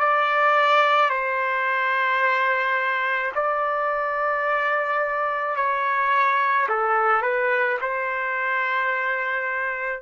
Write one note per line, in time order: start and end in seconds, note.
0.00 1.10 D5
1.10 3.32 C5
3.34 5.56 D5
5.56 6.67 C#5
6.69 7.22 A4
7.22 7.78 B4
7.81 10.02 C5